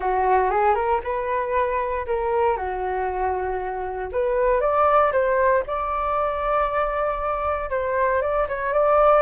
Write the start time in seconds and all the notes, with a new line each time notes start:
0.00 F#4
0.50 G#4
0.74 A#4
1.03 B4
2.06 A#4
2.56 F#4
4.12 B4
4.60 D5
5.12 C5
5.67 D5
7.70 C5
8.21 D5
8.48 C#5
8.73 D5